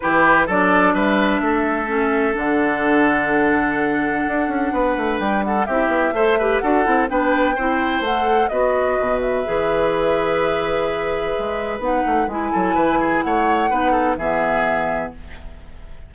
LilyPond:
<<
  \new Staff \with { instrumentName = "flute" } { \time 4/4 \tempo 4 = 127 b'4 d''4 e''2~ | e''4 fis''2.~ | fis''2. g''8 fis''8 | e''2 fis''4 g''4~ |
g''4 fis''4 dis''4. e''8~ | e''1~ | e''4 fis''4 gis''2 | fis''2 e''2 | }
  \new Staff \with { instrumentName = "oboe" } { \time 4/4 g'4 a'4 b'4 a'4~ | a'1~ | a'2 b'4. a'8 | g'4 c''8 b'8 a'4 b'4 |
c''2 b'2~ | b'1~ | b'2~ b'8 a'8 b'8 gis'8 | cis''4 b'8 a'8 gis'2 | }
  \new Staff \with { instrumentName = "clarinet" } { \time 4/4 e'4 d'2. | cis'4 d'2.~ | d'1 | e'4 a'8 g'8 fis'8 e'8 d'4 |
e'4 a'4 fis'2 | gis'1~ | gis'4 dis'4 e'2~ | e'4 dis'4 b2 | }
  \new Staff \with { instrumentName = "bassoon" } { \time 4/4 e4 fis4 g4 a4~ | a4 d2.~ | d4 d'8 cis'8 b8 a8 g4 | c'8 b8 a4 d'8 c'8 b4 |
c'4 a4 b4 b,4 | e1 | gis4 b8 a8 gis8 fis8 e4 | a4 b4 e2 | }
>>